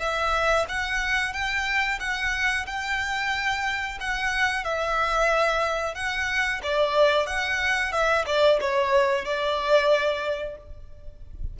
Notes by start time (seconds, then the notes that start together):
0.00 E5
0.69 F#5
1.33 G5
2.00 F#5
2.67 G5
4.01 F#5
4.64 E5
5.95 F#5
6.63 D5
7.27 F#5
7.92 E5
8.27 D5
8.61 C#5
9.25 D5